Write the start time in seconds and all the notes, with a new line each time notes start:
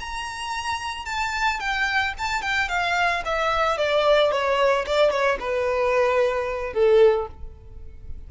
0.00 A#5
1.06 A5
1.60 G5
2.19 A5
2.42 G5
2.69 F5
3.26 E5
3.78 D5
4.32 C#5
4.86 D5
5.11 C#5
5.40 B4
6.74 A4